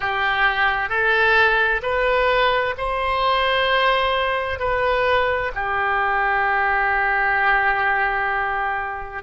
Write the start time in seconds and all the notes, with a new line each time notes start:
0.00 G4
0.89 A4
1.82 B4
2.77 C5
4.59 B4
5.54 G4